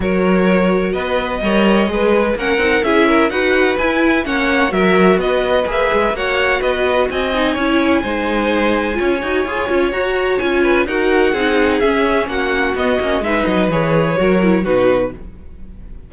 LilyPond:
<<
  \new Staff \with { instrumentName = "violin" } { \time 4/4 \tempo 4 = 127 cis''2 dis''2~ | dis''4 fis''4 e''4 fis''4 | gis''4 fis''4 e''4 dis''4 | e''4 fis''4 dis''4 gis''4~ |
gis''1~ | gis''4 ais''4 gis''4 fis''4~ | fis''4 e''4 fis''4 dis''4 | e''8 dis''8 cis''2 b'4 | }
  \new Staff \with { instrumentName = "violin" } { \time 4/4 ais'2 b'4 cis''4 | b'4 ais'4 gis'8 ais'8 b'4~ | b'4 cis''4 ais'4 b'4~ | b'4 cis''4 b'4 dis''4 |
cis''4 c''2 cis''4~ | cis''2~ cis''8 b'8 ais'4 | gis'2 fis'2 | b'2 ais'4 fis'4 | }
  \new Staff \with { instrumentName = "viola" } { \time 4/4 fis'2. ais'4 | gis'4 cis'8 dis'8 e'4 fis'4 | e'4 cis'4 fis'2 | gis'4 fis'2~ fis'8 dis'8 |
e'4 dis'2 f'8 fis'8 | gis'8 f'8 fis'4 f'4 fis'4 | dis'4 cis'2 b8 cis'8 | dis'4 gis'4 fis'8 e'8 dis'4 | }
  \new Staff \with { instrumentName = "cello" } { \time 4/4 fis2 b4 g4 | gis4 ais8 c'8 cis'4 dis'4 | e'4 ais4 fis4 b4 | ais8 gis8 ais4 b4 c'4 |
cis'4 gis2 cis'8 dis'8 | f'8 cis'8 fis'4 cis'4 dis'4 | c'4 cis'4 ais4 b8 ais8 | gis8 fis8 e4 fis4 b,4 | }
>>